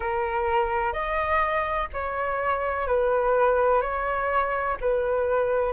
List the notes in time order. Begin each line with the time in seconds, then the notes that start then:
0.00 A#4
0.93 D#5
1.93 C#5
2.87 B4
3.81 C#5
4.81 B4